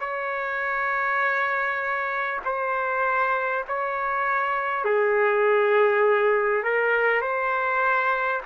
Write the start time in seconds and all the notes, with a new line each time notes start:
0.00 C#5
2.45 C5
3.68 C#5
4.84 G#4
6.63 A#4
7.21 C5